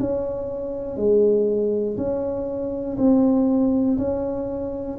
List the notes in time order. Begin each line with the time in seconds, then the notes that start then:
0.00 C#4
0.97 G#3
1.97 C#4
2.98 C4
3.98 C#4